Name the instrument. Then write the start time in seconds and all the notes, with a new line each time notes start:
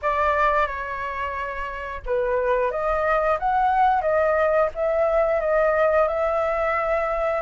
flute
0.02 D5
0.66 C#5
2.06 B4
2.71 D#5
3.39 F#5
4.01 D#5
4.74 E5
5.40 D#5
6.07 E5